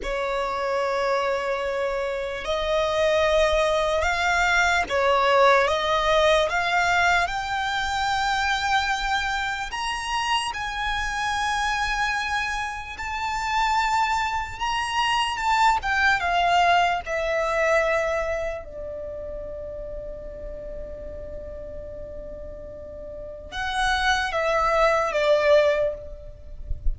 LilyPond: \new Staff \with { instrumentName = "violin" } { \time 4/4 \tempo 4 = 74 cis''2. dis''4~ | dis''4 f''4 cis''4 dis''4 | f''4 g''2. | ais''4 gis''2. |
a''2 ais''4 a''8 g''8 | f''4 e''2 d''4~ | d''1~ | d''4 fis''4 e''4 d''4 | }